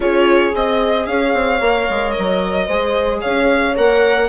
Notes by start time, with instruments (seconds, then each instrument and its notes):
0.00 bassoon C#4, viola F4, horn G#4, violin C#5
0.54 bassoon C4, viola G#4, violin D#5
1.06 bassoon C#4, horn C#5, violin F5
1.33 bassoon C4
1.60 bassoon A#3, viola A#4
1.89 bassoon G#3
2.10 violin D#5
2.18 bassoon F#3
2.66 bassoon G#3, viola G#4, horn C5
3.21 bassoon C#4, horn C#5, violin F5
3.75 bassoon A#3, viola A#4, violin F#5